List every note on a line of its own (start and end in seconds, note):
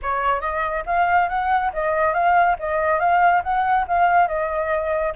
0.02 0.41 C#5
0.41 0.83 D#5
0.86 1.28 F5
1.28 1.71 F#5
1.73 2.13 D#5
2.13 2.56 F5
2.59 2.99 D#5
2.99 3.42 F5
3.43 3.86 F#5
3.87 4.27 F5
4.27 5.13 D#5